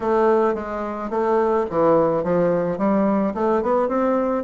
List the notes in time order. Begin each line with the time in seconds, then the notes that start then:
0.00 A3
0.54 G#3
1.10 A3
1.69 E3
2.23 F3
2.78 G3
3.34 A3
3.62 B3
3.88 C4